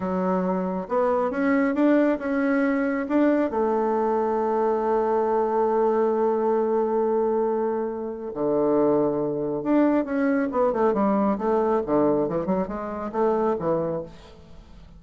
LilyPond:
\new Staff \with { instrumentName = "bassoon" } { \time 4/4 \tempo 4 = 137 fis2 b4 cis'4 | d'4 cis'2 d'4 | a1~ | a1~ |
a2. d4~ | d2 d'4 cis'4 | b8 a8 g4 a4 d4 | e8 fis8 gis4 a4 e4 | }